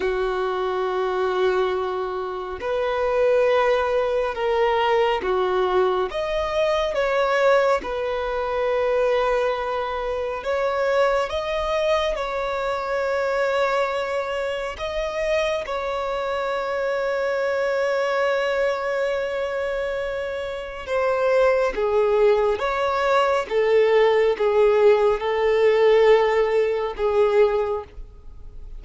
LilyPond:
\new Staff \with { instrumentName = "violin" } { \time 4/4 \tempo 4 = 69 fis'2. b'4~ | b'4 ais'4 fis'4 dis''4 | cis''4 b'2. | cis''4 dis''4 cis''2~ |
cis''4 dis''4 cis''2~ | cis''1 | c''4 gis'4 cis''4 a'4 | gis'4 a'2 gis'4 | }